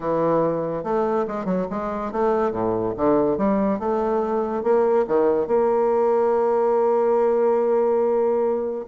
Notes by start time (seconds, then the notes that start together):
0.00 E3
0.83 A3
1.27 G#3
1.45 F#3
1.70 G#3
2.12 A3
2.51 A2
2.96 D3
3.37 G3
3.79 A3
4.63 A#3
5.07 D#3
5.47 A#3